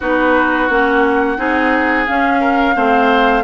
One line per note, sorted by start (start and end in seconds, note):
0.00 0.69 B3
0.00 0.70 D#4
0.00 1.37 F#4
0.00 0.70 B4
0.69 1.38 A#3
0.69 1.37 C#4
0.69 2.06 F#5
1.37 2.07 C4
1.37 2.06 D#4
1.37 2.40 G#4
2.06 2.74 C#4
2.06 2.76 C#4
2.06 3.43 F5
2.40 2.74 A#4
2.74 3.43 A3
2.74 3.43 C4
2.74 3.43 C5